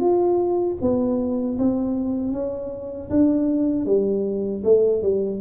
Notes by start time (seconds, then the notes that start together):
0.00 F4
0.81 B3
1.58 C4
2.33 C#4
3.10 D4
3.86 G3
4.64 A3
5.02 G3